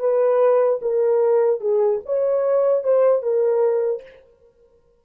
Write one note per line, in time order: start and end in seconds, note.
0.00 0.80 B4
0.82 1.61 A#4
1.61 2.01 G#4
2.06 2.84 C#5
2.84 3.23 C5
3.23 4.03 A#4